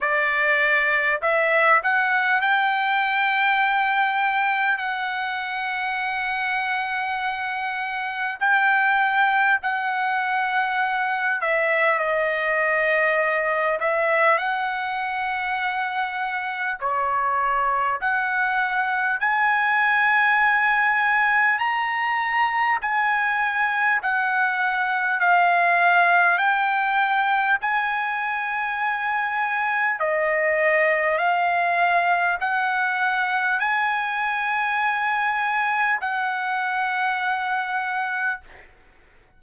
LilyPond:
\new Staff \with { instrumentName = "trumpet" } { \time 4/4 \tempo 4 = 50 d''4 e''8 fis''8 g''2 | fis''2. g''4 | fis''4. e''8 dis''4. e''8 | fis''2 cis''4 fis''4 |
gis''2 ais''4 gis''4 | fis''4 f''4 g''4 gis''4~ | gis''4 dis''4 f''4 fis''4 | gis''2 fis''2 | }